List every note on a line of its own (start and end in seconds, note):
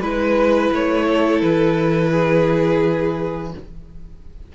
0.00 0.72 G#3
0.00 3.55 E4
0.00 1.06 B4
0.00 0.74 B4
0.72 1.42 A3
0.72 1.42 C#5
1.07 2.12 A4
1.42 3.54 E3
1.42 3.53 B4
2.12 3.53 G#4